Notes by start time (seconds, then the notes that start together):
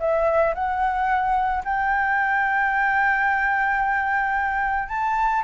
0.00 E5
0.55 F#5
1.65 G5
4.89 A5